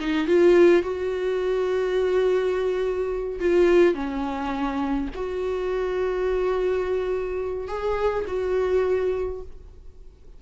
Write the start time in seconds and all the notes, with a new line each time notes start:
0.00 D#4
0.27 F4
0.83 F#4
3.40 F4
3.94 C#4
5.15 F#4
7.68 G#4
8.28 F#4